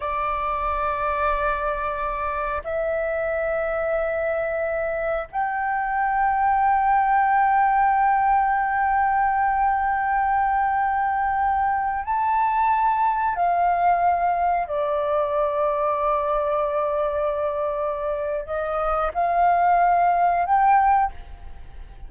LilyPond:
\new Staff \with { instrumentName = "flute" } { \time 4/4 \tempo 4 = 91 d''1 | e''1 | g''1~ | g''1~ |
g''2~ g''16 a''4.~ a''16~ | a''16 f''2 d''4.~ d''16~ | d''1 | dis''4 f''2 g''4 | }